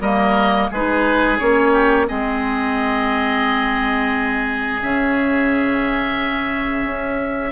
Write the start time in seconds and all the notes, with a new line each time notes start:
0.00 G3 A#3 A#4 D#5
0.70 G#3 D#4 G#4 B4
1.38 A#3 C#4 C#5
1.72 G4
2.07 G#3 C4 G#4 D#5
4.81 C#3 C#4 E5
6.84 C#4